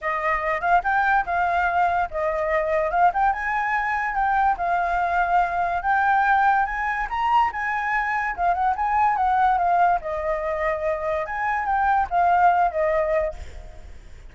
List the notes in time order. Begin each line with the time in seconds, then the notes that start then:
0.01 D#5
0.60 F5
0.83 G5
1.25 F5
2.10 D#5
2.91 F5
3.13 G5
3.33 G#5
4.14 G5
4.57 F5
5.82 G5
6.65 G#5
7.09 A#5
7.52 G#5
8.36 F5
8.54 F#5
8.76 G#5
9.16 F#5
9.57 F5
10.01 D#5
11.26 G#5
11.65 G5
12.09 F5
12.71 D#5